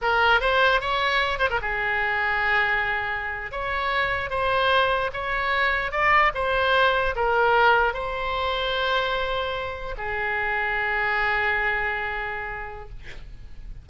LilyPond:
\new Staff \with { instrumentName = "oboe" } { \time 4/4 \tempo 4 = 149 ais'4 c''4 cis''4. c''16 ais'16 | gis'1~ | gis'8. cis''2 c''4~ c''16~ | c''8. cis''2 d''4 c''16~ |
c''4.~ c''16 ais'2 c''16~ | c''1~ | c''8. gis'2.~ gis'16~ | gis'1 | }